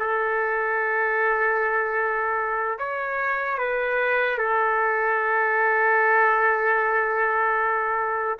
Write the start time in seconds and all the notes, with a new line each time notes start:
0.00 A4
2.79 C#5
3.59 B4
4.39 A4